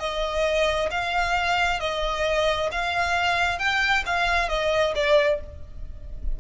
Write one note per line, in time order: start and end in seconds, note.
0.00 0.90 D#5
0.91 1.80 F5
1.80 2.70 D#5
2.72 3.59 F5
3.59 4.04 G5
4.06 4.49 F5
4.49 4.94 D#5
4.96 5.40 D5